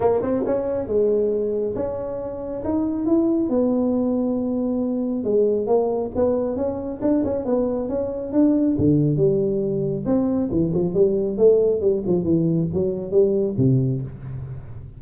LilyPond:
\new Staff \with { instrumentName = "tuba" } { \time 4/4 \tempo 4 = 137 ais8 c'8 cis'4 gis2 | cis'2 dis'4 e'4 | b1 | gis4 ais4 b4 cis'4 |
d'8 cis'8 b4 cis'4 d'4 | d4 g2 c'4 | e8 f8 g4 a4 g8 f8 | e4 fis4 g4 c4 | }